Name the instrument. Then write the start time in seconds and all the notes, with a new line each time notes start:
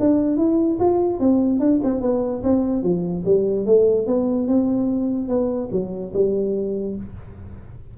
tuba
0.00 D4
0.37 E4
0.80 F4
1.20 C4
1.60 D4
1.84 C4
2.02 B3
2.43 C4
2.83 F3
3.25 G3
3.66 A3
4.07 B3
4.48 C4
5.28 B3
5.72 F#3
6.14 G3